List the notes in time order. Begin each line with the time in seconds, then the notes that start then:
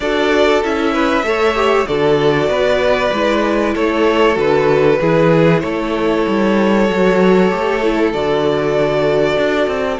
0.00 D4 F#4 A4 D5
0.63 C#4 E4 E5
0.93 B4
1.22 A3 A4 C#5
1.54 G4
1.86 D3 F#4 A4 D5
2.48 B3 B4
3.12 G#3 E4
3.74 A3 A4 C#5
4.34 D3 F#4 B4
4.99 E3 E4 G#4
5.60 A3 A4 C#5
6.27 G3
6.88 F#3 F#4
7.50 A3 G4
7.82 E4
8.12 D3 F#4 D5
9.37 D4
9.67 C4